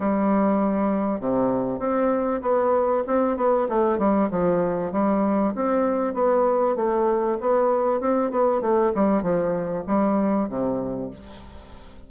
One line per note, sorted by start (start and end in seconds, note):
0.00 1.20 G3
1.20 1.79 C3
1.79 2.41 C4
2.42 3.04 B3
3.07 3.37 C4
3.37 3.68 B3
3.69 3.99 A3
3.99 4.30 G3
4.30 4.92 F3
4.92 5.54 G3
5.56 6.14 C4
6.14 6.76 B3
6.76 7.38 A3
7.41 8.01 B3
8.01 8.31 C4
8.31 8.61 B3
8.61 8.92 A3
8.95 9.22 G3
9.22 9.84 F3
9.87 10.49 G3
10.49 11.11 C3